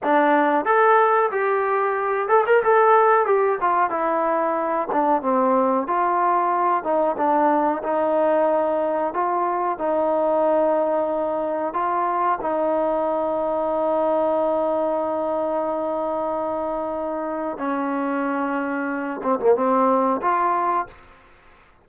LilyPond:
\new Staff \with { instrumentName = "trombone" } { \time 4/4 \tempo 4 = 92 d'4 a'4 g'4. a'16 ais'16 | a'4 g'8 f'8 e'4. d'8 | c'4 f'4. dis'8 d'4 | dis'2 f'4 dis'4~ |
dis'2 f'4 dis'4~ | dis'1~ | dis'2. cis'4~ | cis'4. c'16 ais16 c'4 f'4 | }